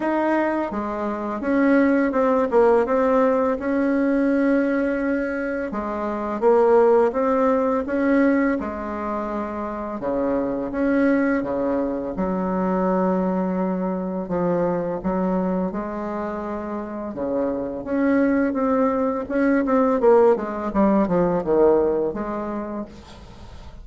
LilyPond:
\new Staff \with { instrumentName = "bassoon" } { \time 4/4 \tempo 4 = 84 dis'4 gis4 cis'4 c'8 ais8 | c'4 cis'2. | gis4 ais4 c'4 cis'4 | gis2 cis4 cis'4 |
cis4 fis2. | f4 fis4 gis2 | cis4 cis'4 c'4 cis'8 c'8 | ais8 gis8 g8 f8 dis4 gis4 | }